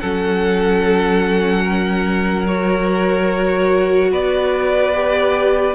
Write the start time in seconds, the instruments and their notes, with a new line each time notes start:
0.00 cello F#3, viola C#4, violin A4 F#5
1.64 violin A#4
2.47 viola F#4, violin C#5
4.11 cello B3, violin B4 D5
4.94 viola G4